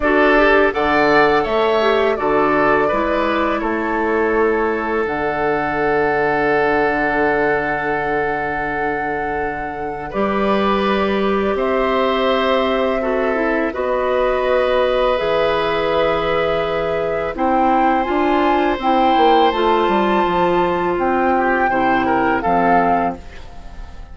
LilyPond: <<
  \new Staff \with { instrumentName = "flute" } { \time 4/4 \tempo 4 = 83 d''4 fis''4 e''4 d''4~ | d''4 cis''2 fis''4~ | fis''1~ | fis''2 d''2 |
e''2. dis''4~ | dis''4 e''2. | g''4 gis''4 g''4 a''4~ | a''4 g''2 f''4 | }
  \new Staff \with { instrumentName = "oboe" } { \time 4/4 a'4 d''4 cis''4 a'4 | b'4 a'2.~ | a'1~ | a'2 b'2 |
c''2 a'4 b'4~ | b'1 | c''1~ | c''4. g'8 c''8 ais'8 a'4 | }
  \new Staff \with { instrumentName = "clarinet" } { \time 4/4 fis'8 g'8 a'4. g'8 fis'4 | e'2. d'4~ | d'1~ | d'2 g'2~ |
g'2 fis'8 e'8 fis'4~ | fis'4 gis'2. | e'4 f'4 e'4 f'4~ | f'2 e'4 c'4 | }
  \new Staff \with { instrumentName = "bassoon" } { \time 4/4 d'4 d4 a4 d4 | gis4 a2 d4~ | d1~ | d2 g2 |
c'2. b4~ | b4 e2. | c'4 d'4 c'8 ais8 a8 g8 | f4 c'4 c4 f4 | }
>>